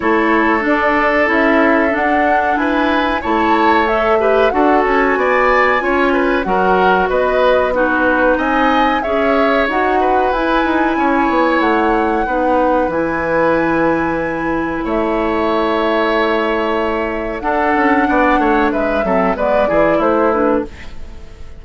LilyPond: <<
  \new Staff \with { instrumentName = "flute" } { \time 4/4 \tempo 4 = 93 cis''4 d''4 e''4 fis''4 | gis''4 a''4 e''4 fis''8 gis''8~ | gis''2 fis''4 dis''4 | b'4 gis''4 e''4 fis''4 |
gis''2 fis''2 | gis''2. e''4~ | e''2. fis''4~ | fis''4 e''4 d''4 c''8 b'8 | }
  \new Staff \with { instrumentName = "oboe" } { \time 4/4 a'1 | b'4 cis''4. b'8 a'4 | d''4 cis''8 b'8 ais'4 b'4 | fis'4 dis''4 cis''4. b'8~ |
b'4 cis''2 b'4~ | b'2. cis''4~ | cis''2. a'4 | d''8 cis''8 b'8 a'8 b'8 gis'8 e'4 | }
  \new Staff \with { instrumentName = "clarinet" } { \time 4/4 e'4 d'4 e'4 d'4~ | d'4 e'4 a'8 g'8 fis'4~ | fis'4 f'4 fis'2 | dis'2 gis'4 fis'4 |
e'2. dis'4 | e'1~ | e'2. d'4~ | d'4. c'8 b8 e'4 d'8 | }
  \new Staff \with { instrumentName = "bassoon" } { \time 4/4 a4 d'4 cis'4 d'4 | e'4 a2 d'8 cis'8 | b4 cis'4 fis4 b4~ | b4 c'4 cis'4 dis'4 |
e'8 dis'8 cis'8 b8 a4 b4 | e2. a4~ | a2. d'8 cis'8 | b8 a8 gis8 fis8 gis8 e8 a4 | }
>>